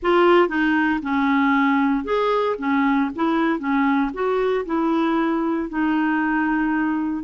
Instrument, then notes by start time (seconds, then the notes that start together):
clarinet
0.02 F4
0.48 D#4
1.02 C#4
2.04 G#4
2.58 C#4
3.15 E4
3.59 C#4
4.13 F#4
4.65 E4
5.69 D#4